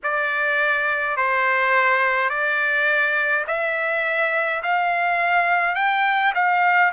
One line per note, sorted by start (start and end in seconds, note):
0.03 1.16 D5
1.16 2.29 C5
2.29 3.45 D5
3.47 4.62 E5
4.62 5.75 F5
5.75 6.33 G5
6.35 6.92 F5